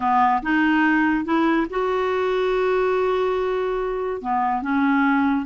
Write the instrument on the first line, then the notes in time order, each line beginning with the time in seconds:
clarinet
0.00 B3
0.42 D#4
1.25 E4
1.70 F#4
4.21 B3
4.62 C#4